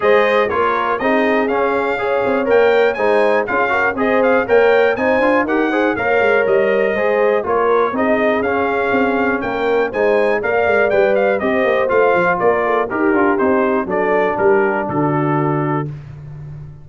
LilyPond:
<<
  \new Staff \with { instrumentName = "trumpet" } { \time 4/4 \tempo 4 = 121 dis''4 cis''4 dis''4 f''4~ | f''4 g''4 gis''4 f''4 | dis''8 f''8 g''4 gis''4 fis''4 | f''4 dis''2 cis''4 |
dis''4 f''2 g''4 | gis''4 f''4 g''8 f''8 dis''4 | f''4 d''4 ais'4 c''4 | d''4 ais'4 a'2 | }
  \new Staff \with { instrumentName = "horn" } { \time 4/4 c''4 ais'4 gis'2 | cis''2 c''4 gis'8 ais'8 | c''4 cis''4 c''4 ais'8 c''8 | cis''2 c''4 ais'4 |
gis'2. ais'4 | c''4 d''2 c''4~ | c''4 ais'8 a'8 g'2 | a'4 g'4 fis'2 | }
  \new Staff \with { instrumentName = "trombone" } { \time 4/4 gis'4 f'4 dis'4 cis'4 | gis'4 ais'4 dis'4 f'8 fis'8 | gis'4 ais'4 dis'8 f'8 g'8 gis'8 | ais'2 gis'4 f'4 |
dis'4 cis'2. | dis'4 ais'4 b'4 g'4 | f'2 g'8 f'8 dis'4 | d'1 | }
  \new Staff \with { instrumentName = "tuba" } { \time 4/4 gis4 ais4 c'4 cis'4~ | cis'8 c'8 ais4 gis4 cis'4 | c'4 ais4 c'8 d'8 dis'4 | ais8 gis8 g4 gis4 ais4 |
c'4 cis'4 c'4 ais4 | gis4 ais8 gis8 g4 c'8 ais8 | a8 f8 ais4 dis'8 d'8 c'4 | fis4 g4 d2 | }
>>